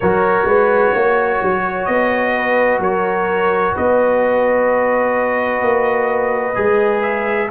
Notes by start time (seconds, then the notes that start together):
0.00 F#3 F#4 A#4 C#5
0.44 G#3 B4
0.93 A#3 C#5
1.42 F#3
1.85 B3 D#5
2.36 B4
2.79 F#3 A#4 C#5
3.73 B3 B4 D#5
5.61 A#3
6.55 G#3 G#4
7.02 E5